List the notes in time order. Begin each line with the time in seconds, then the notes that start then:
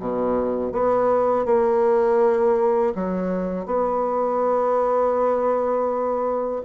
0.00 B2
0.73 B3
1.46 A#3
2.95 F#3
3.66 B3